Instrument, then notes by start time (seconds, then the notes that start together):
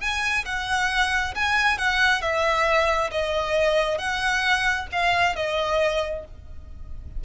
violin
0.00 G#5
0.45 F#5
1.35 G#5
1.78 F#5
2.21 E5
3.11 D#5
3.98 F#5
4.92 F5
5.35 D#5